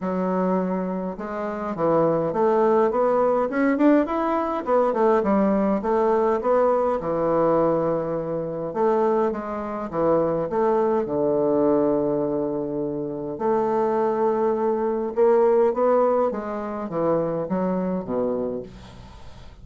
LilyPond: \new Staff \with { instrumentName = "bassoon" } { \time 4/4 \tempo 4 = 103 fis2 gis4 e4 | a4 b4 cis'8 d'8 e'4 | b8 a8 g4 a4 b4 | e2. a4 |
gis4 e4 a4 d4~ | d2. a4~ | a2 ais4 b4 | gis4 e4 fis4 b,4 | }